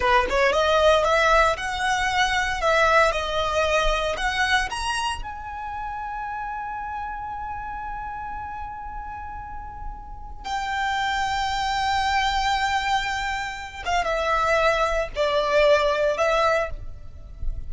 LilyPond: \new Staff \with { instrumentName = "violin" } { \time 4/4 \tempo 4 = 115 b'8 cis''8 dis''4 e''4 fis''4~ | fis''4 e''4 dis''2 | fis''4 ais''4 gis''2~ | gis''1~ |
gis''1 | g''1~ | g''2~ g''8 f''8 e''4~ | e''4 d''2 e''4 | }